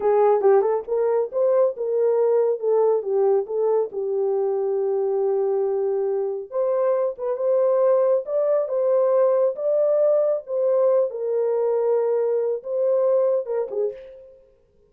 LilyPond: \new Staff \with { instrumentName = "horn" } { \time 4/4 \tempo 4 = 138 gis'4 g'8 a'8 ais'4 c''4 | ais'2 a'4 g'4 | a'4 g'2.~ | g'2. c''4~ |
c''8 b'8 c''2 d''4 | c''2 d''2 | c''4. ais'2~ ais'8~ | ais'4 c''2 ais'8 gis'8 | }